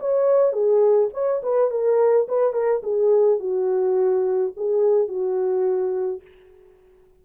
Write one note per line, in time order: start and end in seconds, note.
0.00 0.53 C#5
0.53 1.09 G#4
1.13 1.42 C#5
1.43 1.71 B4
1.71 2.27 A#4
2.28 2.53 B4
2.53 2.81 A#4
2.83 3.39 G#4
3.39 4.53 F#4
4.57 5.08 G#4
5.08 6.22 F#4